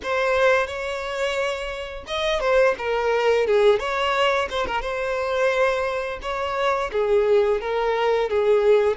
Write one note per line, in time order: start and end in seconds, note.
0.02 0.66 C5
0.66 2.04 C#5
2.07 2.40 D#5
2.40 2.74 C5
2.77 3.46 A#4
3.46 3.79 G#4
3.79 4.48 C#5
4.50 4.66 C5
4.66 4.81 A#4
4.81 6.19 C5
6.22 6.91 C#5
6.92 7.60 G#4
7.60 8.29 A#4
8.29 8.96 G#4